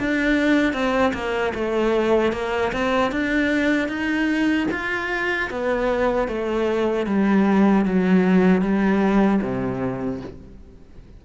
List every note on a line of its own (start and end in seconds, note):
0.00 0.74 D4
0.74 1.13 C4
1.14 1.53 A#3
1.55 2.33 A3
2.33 2.72 A#3
2.73 3.12 C4
3.12 3.89 D4
3.89 4.68 D#4
4.72 5.50 F4
5.51 6.28 B3
6.28 7.07 A3
7.07 7.86 G3
7.86 8.62 F#3
8.62 9.41 G3
9.42 10.21 C3